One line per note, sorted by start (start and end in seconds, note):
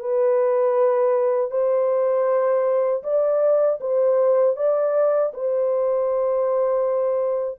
0.00 1.51 B4
1.51 3.03 C5
3.03 3.79 D5
3.80 4.56 C5
4.57 5.33 D5
5.34 7.59 C5